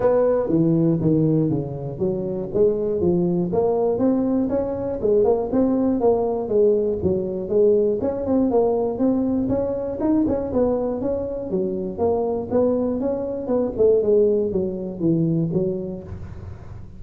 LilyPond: \new Staff \with { instrumentName = "tuba" } { \time 4/4 \tempo 4 = 120 b4 e4 dis4 cis4 | fis4 gis4 f4 ais4 | c'4 cis'4 gis8 ais8 c'4 | ais4 gis4 fis4 gis4 |
cis'8 c'8 ais4 c'4 cis'4 | dis'8 cis'8 b4 cis'4 fis4 | ais4 b4 cis'4 b8 a8 | gis4 fis4 e4 fis4 | }